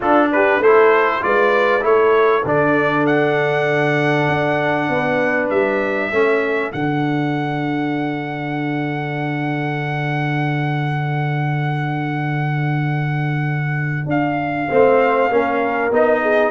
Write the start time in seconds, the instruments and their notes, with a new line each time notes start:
0.00 tuba D4, trombone D4, horn F4, trumpet A4
0.32 horn G4, trumpet B4
0.59 tuba A3, trombone E4, horn A4, trumpet C5
1.21 tuba G#3, trombone F4, horn B4, trumpet D5
1.80 tuba A3, trombone E4, trumpet C#5
1.87 horn A4
2.44 tuba D3, trombone D4, trumpet D5
3.06 trumpet F#5
4.28 tuba D4
4.88 tuba B3, horn B4
5.49 tuba G3, trumpet E5
6.11 tuba A3, trombone C#4, horn A4
6.72 tuba D3, trombone D4, trumpet F#5
14.06 tuba D4, trumpet F5
14.68 tuba A3, trombone C4, horn C5
15.29 tuba A#3, trombone C#4, horn A#4
15.90 tuba B3, trombone D#4, trumpet D#5
16.22 horn G#4